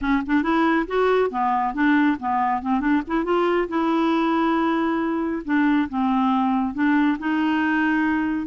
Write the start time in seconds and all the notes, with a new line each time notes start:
0.01 C#4
0.26 D4
0.42 E4
0.87 F#4
1.30 B3
1.74 D4
2.19 B3
2.62 C4
2.80 D4
3.07 E4
3.24 F4
3.68 E4
5.44 D4
5.89 C4
6.74 D4
7.18 D#4